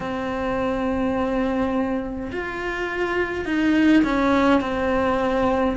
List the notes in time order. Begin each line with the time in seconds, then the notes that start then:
0.00 C4
2.32 F4
3.45 D#4
4.03 C#4
4.60 C4